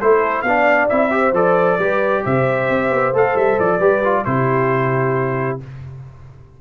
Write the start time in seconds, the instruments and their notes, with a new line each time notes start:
0.00 tuba A3, trombone E4, horn A4, trumpet C5
0.42 tuba B3, trombone D4, horn D5, trumpet F5
0.89 tuba C4, trombone E4, trumpet E5
1.11 trombone G4, horn C5
1.33 tuba F3, trombone A4, trumpet D5
1.79 tuba G3, trombone G4, horn B4
2.24 tuba C3, horn C5, trumpet E5
2.69 tuba C4
2.89 tuba B3
3.12 tuba A3, trombone A4, trumpet F5
3.35 tuba G3, trumpet E5
3.60 tuba F3, trumpet D5
3.78 tuba G3, trombone G4, horn B4
4.04 trombone F4
4.25 tuba C3, trombone E4, horn G4, trumpet C5